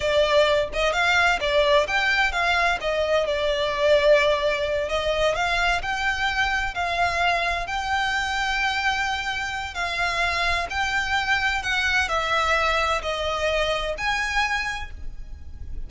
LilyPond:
\new Staff \with { instrumentName = "violin" } { \time 4/4 \tempo 4 = 129 d''4. dis''8 f''4 d''4 | g''4 f''4 dis''4 d''4~ | d''2~ d''8 dis''4 f''8~ | f''8 g''2 f''4.~ |
f''8 g''2.~ g''8~ | g''4 f''2 g''4~ | g''4 fis''4 e''2 | dis''2 gis''2 | }